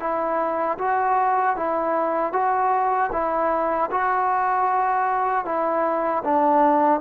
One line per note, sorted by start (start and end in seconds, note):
0.00 0.78 E4
0.79 1.56 F#4
1.56 2.33 E4
2.33 3.11 F#4
3.12 3.90 E4
3.91 5.45 F#4
5.45 6.23 E4
6.24 7.01 D4